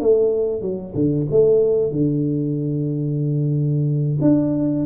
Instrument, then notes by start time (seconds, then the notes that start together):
tuba
0.00 A3
0.61 F#3
0.94 D3
1.31 A3
1.91 D3
4.21 D4